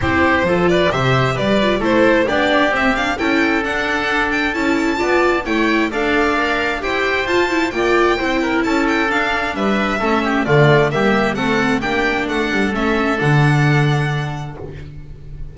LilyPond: <<
  \new Staff \with { instrumentName = "violin" } { \time 4/4 \tempo 4 = 132 c''4. d''8 e''4 d''4 | c''4 d''4 e''8 f''8 g''4 | fis''4. g''8 a''2 | g''4 f''2 g''4 |
a''4 g''2 a''8 g''8 | f''4 e''2 d''4 | e''4 fis''4 g''4 fis''4 | e''4 fis''2. | }
  \new Staff \with { instrumentName = "oboe" } { \time 4/4 g'4 a'8 b'8 c''4 b'4 | a'4 g'2 a'4~ | a'2. d''4 | cis''4 d''2 c''4~ |
c''4 d''4 c''8 ais'8 a'4~ | a'4 b'4 a'8 g'8 f'4 | g'4 a'4 g'4 a'4~ | a'1 | }
  \new Staff \with { instrumentName = "viola" } { \time 4/4 e'4 f'4 g'4. f'8 | e'4 d'4 c'8 d'8 e'4 | d'2 e'4 f'4 | e'4 a'4 ais'4 g'4 |
f'8 e'8 f'4 e'2 | d'2 cis'4 a4 | ais4 c'4 d'2 | cis'4 d'2. | }
  \new Staff \with { instrumentName = "double bass" } { \time 4/4 c'4 f4 c4 g4 | a4 b4 c'4 cis'4 | d'2 cis'4 b4 | a4 d'2 e'4 |
f'4 ais4 c'4 cis'4 | d'4 g4 a4 d4 | g4 a4 ais4 a8 g8 | a4 d2. | }
>>